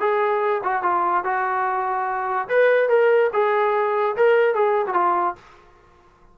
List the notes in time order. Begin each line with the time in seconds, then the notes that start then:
0.00 G#4
0.64 F#4
0.83 F4
1.24 F#4
2.49 B4
2.90 A#4
3.33 G#4
4.17 A#4
4.55 G#4
4.87 F#4
4.94 F4